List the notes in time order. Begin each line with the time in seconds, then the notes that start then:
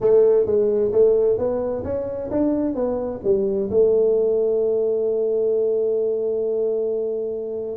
0.00 A3
0.45 G#3
0.92 A3
1.38 B3
1.84 C#4
2.30 D4
2.74 B3
3.24 G3
3.70 A3